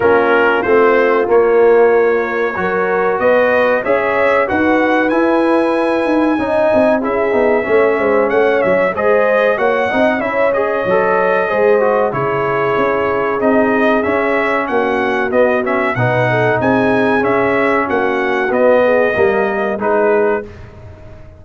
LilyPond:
<<
  \new Staff \with { instrumentName = "trumpet" } { \time 4/4 \tempo 4 = 94 ais'4 c''4 cis''2~ | cis''4 dis''4 e''4 fis''4 | gis''2. e''4~ | e''4 fis''8 e''8 dis''4 fis''4 |
e''8 dis''2~ dis''8 cis''4~ | cis''4 dis''4 e''4 fis''4 | dis''8 e''8 fis''4 gis''4 e''4 | fis''4 dis''2 b'4 | }
  \new Staff \with { instrumentName = "horn" } { \time 4/4 f'1 | ais'4 b'4 cis''4 b'4~ | b'2 dis''4 gis'4 | cis''8 c''8 cis''4 c''4 cis''8 dis''8 |
cis''2 c''4 gis'4~ | gis'2. fis'4~ | fis'4 b'8 a'8 gis'2 | fis'4. gis'8 ais'4 gis'4 | }
  \new Staff \with { instrumentName = "trombone" } { \time 4/4 cis'4 c'4 ais2 | fis'2 gis'4 fis'4 | e'2 dis'4 e'8 dis'8 | cis'2 gis'4 fis'8 dis'8 |
e'8 gis'8 a'4 gis'8 fis'8 e'4~ | e'4 dis'4 cis'2 | b8 cis'8 dis'2 cis'4~ | cis'4 b4 ais4 dis'4 | }
  \new Staff \with { instrumentName = "tuba" } { \time 4/4 ais4 a4 ais2 | fis4 b4 cis'4 dis'4 | e'4. dis'8 cis'8 c'8 cis'8 b8 | a8 gis8 a8 fis8 gis4 ais8 c'8 |
cis'4 fis4 gis4 cis4 | cis'4 c'4 cis'4 ais4 | b4 b,4 c'4 cis'4 | ais4 b4 g4 gis4 | }
>>